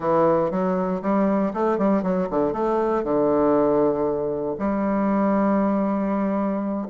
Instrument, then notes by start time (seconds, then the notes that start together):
bassoon
0.00 E3
0.51 F#3
1.02 G3
1.53 A3
1.78 G3
2.02 F#3
2.30 D3
2.52 A3
3.03 D3
4.58 G3